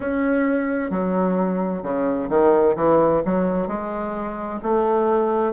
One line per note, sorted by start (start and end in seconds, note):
0.00 0.90 C#4
0.90 1.82 F#3
1.83 2.29 C#3
2.29 2.75 D#3
2.76 3.22 E3
3.25 3.67 F#3
3.67 4.59 G#3
4.62 5.53 A3